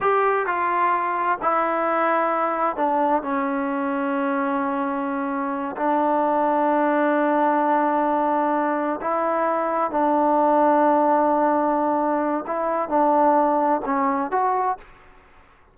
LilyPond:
\new Staff \with { instrumentName = "trombone" } { \time 4/4 \tempo 4 = 130 g'4 f'2 e'4~ | e'2 d'4 cis'4~ | cis'1~ | cis'8 d'2.~ d'8~ |
d'2.~ d'8 e'8~ | e'4. d'2~ d'8~ | d'2. e'4 | d'2 cis'4 fis'4 | }